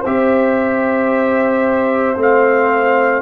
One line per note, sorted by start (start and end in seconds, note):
0.00 2.16 C4
0.00 3.21 C5
0.00 2.19 E5
0.06 2.16 G4
2.16 3.22 A3
2.16 3.22 C4
2.16 3.22 F5